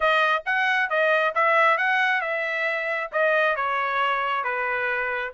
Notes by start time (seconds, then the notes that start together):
0.00 D#5
0.45 F#5
0.89 D#5
1.35 E5
1.77 F#5
2.21 E5
3.12 D#5
3.56 C#5
4.43 B4